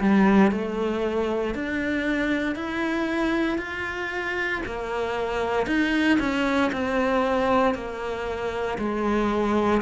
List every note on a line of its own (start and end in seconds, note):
0.00 0.51 G3
0.51 1.54 A3
1.54 2.55 D4
2.55 3.58 E4
3.58 4.61 F4
4.66 5.67 A#3
5.67 6.18 D#4
6.19 6.71 C#4
6.72 7.74 C4
7.74 8.77 A#3
8.78 9.81 G#3